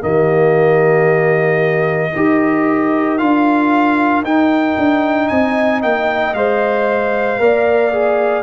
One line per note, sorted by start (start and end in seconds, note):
0.00 2.13 D#3
0.00 2.11 A#3
0.00 2.12 G4
0.00 3.18 D#5
2.12 3.20 D#4
2.12 3.19 G4
2.12 5.27 A#4
3.18 4.23 D4
3.18 4.24 F4
3.18 4.23 F5
4.23 4.75 D#4
4.23 6.35 D#4
4.23 5.28 G5
4.78 5.30 D4
5.27 5.83 C4
5.27 7.37 D#5
5.27 5.80 G#5
5.82 6.34 A#3
5.82 6.34 G5
6.34 7.39 G#3
6.34 7.39 C5
6.34 8.43 F5
7.39 8.43 A#3
7.39 7.92 A#4
7.39 8.43 D5
7.93 8.43 G#4